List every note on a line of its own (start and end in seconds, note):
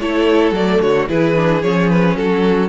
0.00 0.52 A3
0.00 0.55 E4
0.00 0.83 A4
0.00 0.54 C#5
0.52 0.79 F#3
0.52 1.09 A3
0.52 0.82 D5
0.82 1.09 D3
0.82 1.09 F#4
0.82 1.09 C#5
1.09 1.64 E3
1.09 1.36 E4
1.09 2.18 G#4
1.09 1.63 B4
1.36 1.63 D4
1.63 2.16 F3
1.63 2.69 C#4
1.63 1.90 C#5
1.90 2.17 B4
2.16 2.69 F#3
2.16 2.69 F#4
2.16 2.69 A4